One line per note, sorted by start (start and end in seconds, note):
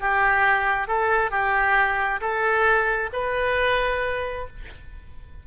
0.00 0.88 G4
0.88 1.31 A4
1.31 2.21 G4
2.21 3.10 A4
3.13 4.47 B4